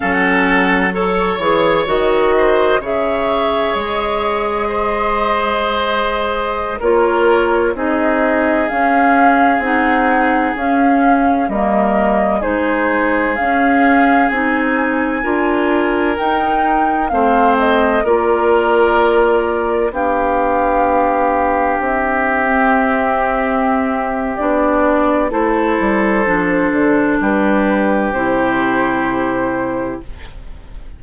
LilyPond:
<<
  \new Staff \with { instrumentName = "flute" } { \time 4/4 \tempo 4 = 64 fis''4 cis''4 dis''4 e''4 | dis''2.~ dis''16 cis''8.~ | cis''16 dis''4 f''4 fis''4 f''8.~ | f''16 dis''4 c''4 f''4 gis''8.~ |
gis''4~ gis''16 g''4 f''8 dis''8 d''8.~ | d''4~ d''16 f''2 e''8.~ | e''2 d''4 c''4~ | c''4 b'4 c''2 | }
  \new Staff \with { instrumentName = "oboe" } { \time 4/4 a'4 cis''4. c''8 cis''4~ | cis''4 c''2~ c''16 ais'8.~ | ais'16 gis'2.~ gis'8.~ | gis'16 ais'4 gis'2~ gis'8.~ |
gis'16 ais'2 c''4 ais'8.~ | ais'4~ ais'16 g'2~ g'8.~ | g'2. a'4~ | a'4 g'2. | }
  \new Staff \with { instrumentName = "clarinet" } { \time 4/4 cis'4 a'8 gis'8 fis'4 gis'4~ | gis'2.~ gis'16 f'8.~ | f'16 dis'4 cis'4 dis'4 cis'8.~ | cis'16 ais4 dis'4 cis'4 dis'8.~ |
dis'16 f'4 dis'4 c'4 f'8.~ | f'4~ f'16 d'2~ d'8. | c'2 d'4 e'4 | d'2 e'2 | }
  \new Staff \with { instrumentName = "bassoon" } { \time 4/4 fis4. e8 dis4 cis4 | gis2.~ gis16 ais8.~ | ais16 c'4 cis'4 c'4 cis'8.~ | cis'16 g4 gis4 cis'4 c'8.~ |
c'16 d'4 dis'4 a4 ais8.~ | ais4~ ais16 b2 c'8.~ | c'2 b4 a8 g8 | f8 d8 g4 c2 | }
>>